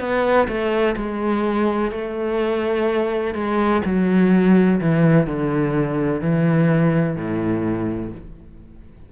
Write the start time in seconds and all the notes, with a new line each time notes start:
0.00 B3
0.48 A3
0.97 G#3
1.92 A3
3.34 G#3
3.85 F#3
4.81 E3
5.27 D3
6.21 E3
7.16 A2